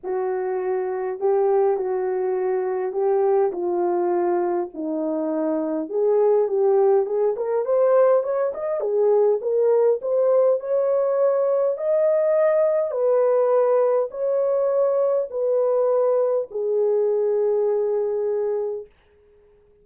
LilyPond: \new Staff \with { instrumentName = "horn" } { \time 4/4 \tempo 4 = 102 fis'2 g'4 fis'4~ | fis'4 g'4 f'2 | dis'2 gis'4 g'4 | gis'8 ais'8 c''4 cis''8 dis''8 gis'4 |
ais'4 c''4 cis''2 | dis''2 b'2 | cis''2 b'2 | gis'1 | }